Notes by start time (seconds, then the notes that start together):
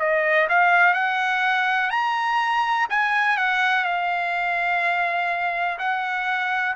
0.00 D#5
0.50 F5
0.94 F#5
1.91 A#5
2.90 G#5
3.38 F#5
3.85 F5
5.79 F#5